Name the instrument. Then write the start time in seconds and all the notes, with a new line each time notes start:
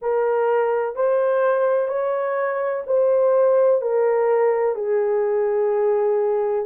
horn
0.01 A#4
0.95 C5
1.87 C#5
2.86 C5
3.81 A#4
4.74 G#4